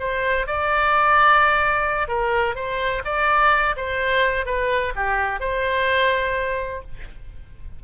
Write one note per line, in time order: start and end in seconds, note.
0.00 0.47 C5
0.47 2.08 D5
2.08 2.55 A#4
2.55 3.03 C5
3.05 3.76 D5
3.77 4.46 C5
4.46 4.93 B4
4.96 5.40 G4
5.40 6.82 C5